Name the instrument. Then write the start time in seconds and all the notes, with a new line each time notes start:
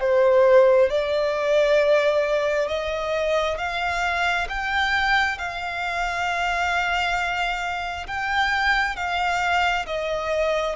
violin
0.00 C5
0.90 D5
2.68 D#5
3.58 F5
4.49 G5
5.38 F5
8.07 G5
8.96 F5
9.86 D#5